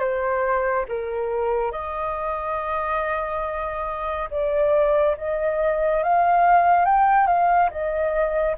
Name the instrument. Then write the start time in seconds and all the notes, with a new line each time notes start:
flute
0.00 C5
0.89 A#4
1.72 D#5
4.31 D5
5.18 D#5
6.04 F5
6.86 G5
7.27 F5
7.71 D#5